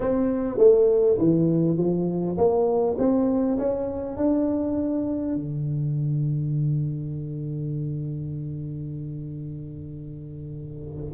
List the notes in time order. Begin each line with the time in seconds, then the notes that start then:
0.00 C4
0.58 A3
1.18 E3
1.77 F3
2.37 A#3
2.98 C4
3.58 C#4
4.16 D4
5.35 D3